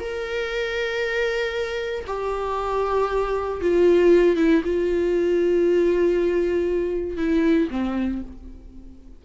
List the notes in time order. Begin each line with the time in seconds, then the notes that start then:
0.00 A#4
2.07 G4
3.62 F4
4.37 E4
4.65 F4
7.17 E4
7.71 C4